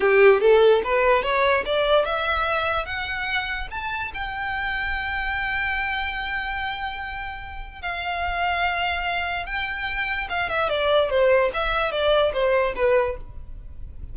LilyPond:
\new Staff \with { instrumentName = "violin" } { \time 4/4 \tempo 4 = 146 g'4 a'4 b'4 cis''4 | d''4 e''2 fis''4~ | fis''4 a''4 g''2~ | g''1~ |
g''2. f''4~ | f''2. g''4~ | g''4 f''8 e''8 d''4 c''4 | e''4 d''4 c''4 b'4 | }